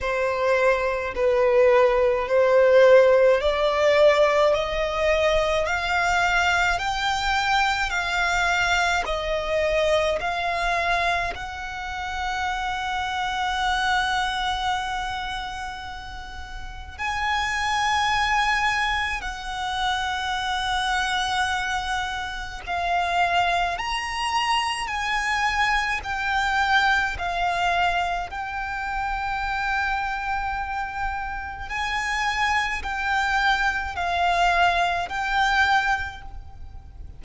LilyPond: \new Staff \with { instrumentName = "violin" } { \time 4/4 \tempo 4 = 53 c''4 b'4 c''4 d''4 | dis''4 f''4 g''4 f''4 | dis''4 f''4 fis''2~ | fis''2. gis''4~ |
gis''4 fis''2. | f''4 ais''4 gis''4 g''4 | f''4 g''2. | gis''4 g''4 f''4 g''4 | }